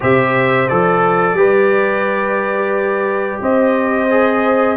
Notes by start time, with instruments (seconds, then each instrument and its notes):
0.00 tuba C3, trombone G4, horn C5, trumpet E5
0.68 tuba F3, trombone A4, trumpet D5
1.33 tuba G3, trombone G4, horn B4
3.41 tuba C4, horn C5, trumpet D#5
4.09 trombone G#4